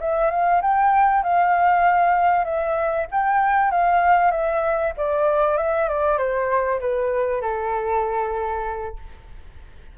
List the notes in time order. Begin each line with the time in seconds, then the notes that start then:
0.00 E5
0.31 F5
0.62 G5
1.23 F5
2.45 E5
3.11 G5
3.71 F5
4.31 E5
4.97 D5
5.58 E5
5.89 D5
6.18 C5
6.80 B4
7.41 A4